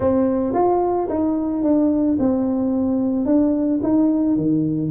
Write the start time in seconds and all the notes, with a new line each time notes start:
0.00 C4
0.53 F4
1.09 D#4
1.63 D4
2.19 C4
3.25 D4
3.83 D#4
4.36 D#3